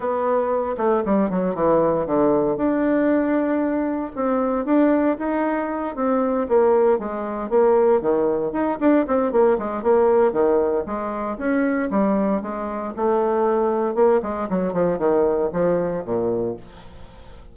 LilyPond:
\new Staff \with { instrumentName = "bassoon" } { \time 4/4 \tempo 4 = 116 b4. a8 g8 fis8 e4 | d4 d'2. | c'4 d'4 dis'4. c'8~ | c'8 ais4 gis4 ais4 dis8~ |
dis8 dis'8 d'8 c'8 ais8 gis8 ais4 | dis4 gis4 cis'4 g4 | gis4 a2 ais8 gis8 | fis8 f8 dis4 f4 ais,4 | }